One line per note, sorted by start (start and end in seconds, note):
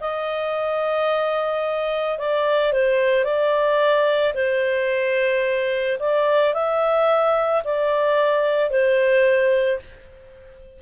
0.00 2.18 D#5
2.18 2.73 D5
2.73 3.24 C5
3.24 4.33 D5
4.34 5.98 C5
6.00 6.54 D5
6.54 7.63 E5
7.65 8.70 D5
8.70 9.79 C5